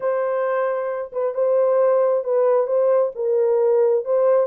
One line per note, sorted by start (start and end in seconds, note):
0.00 1.11 C5
1.12 1.34 B4
1.34 2.23 C5
2.23 2.66 B4
2.66 3.11 C5
3.15 4.04 A#4
4.04 4.47 C5